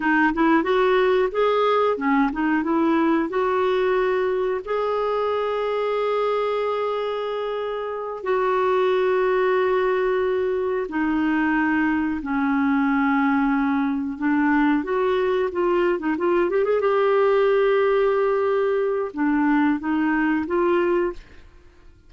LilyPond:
\new Staff \with { instrumentName = "clarinet" } { \time 4/4 \tempo 4 = 91 dis'8 e'8 fis'4 gis'4 cis'8 dis'8 | e'4 fis'2 gis'4~ | gis'1~ | gis'8 fis'2.~ fis'8~ |
fis'8 dis'2 cis'4.~ | cis'4. d'4 fis'4 f'8~ | f'16 dis'16 f'8 g'16 gis'16 g'2~ g'8~ | g'4 d'4 dis'4 f'4 | }